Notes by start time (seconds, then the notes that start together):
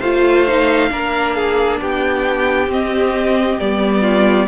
0.00 A3 F4 C5 F5
0.48 D#4
0.90 A#3 D4 A#4
1.36 G#4
1.81 B3 G4 G5
2.68 C4 D#5
3.60 G3 B3 D5
4.02 F4